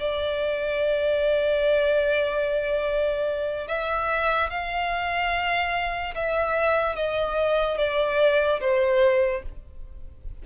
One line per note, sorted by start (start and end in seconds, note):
0.00 3.68 D5
3.68 4.50 E5
4.50 6.15 F5
6.15 6.96 E5
6.96 7.78 D#5
7.78 8.60 D5
8.61 9.43 C5